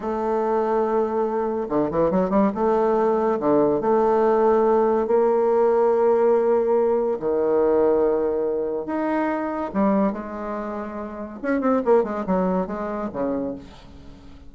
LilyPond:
\new Staff \with { instrumentName = "bassoon" } { \time 4/4 \tempo 4 = 142 a1 | d8 e8 fis8 g8 a2 | d4 a2. | ais1~ |
ais4 dis2.~ | dis4 dis'2 g4 | gis2. cis'8 c'8 | ais8 gis8 fis4 gis4 cis4 | }